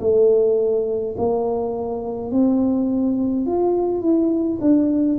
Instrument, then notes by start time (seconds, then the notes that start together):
tuba
0.00 A3
1.17 A#3
2.31 C4
3.46 F4
4.01 E4
4.60 D4